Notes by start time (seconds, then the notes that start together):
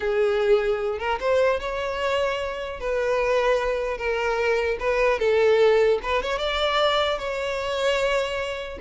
0.00 G#4
0.98 A#4
1.19 C5
1.60 C#5
2.80 B4
3.97 A#4
4.79 B4
5.19 A4
6.02 B4
6.22 C#5
6.38 D5
7.18 C#5